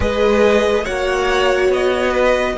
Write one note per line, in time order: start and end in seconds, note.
0.00 0.85 G#3
0.00 0.83 G#4
0.00 0.83 B4
0.00 0.85 D#5
0.83 1.69 A#3
0.83 2.56 F#4
0.83 2.11 C#5
0.83 1.70 F#5
1.69 2.54 B3
1.69 2.58 D#5
2.11 2.54 B4